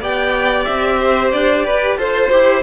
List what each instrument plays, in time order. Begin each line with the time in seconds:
0.00 cello B3, viola G4, violin D5 G5
0.65 cello C4, violin E5
1.00 violin C5
1.32 cello D4, violin D5
1.65 cello G4, violin B4
1.98 cello F4, viola A4, violin C5
2.31 cello E4, viola G4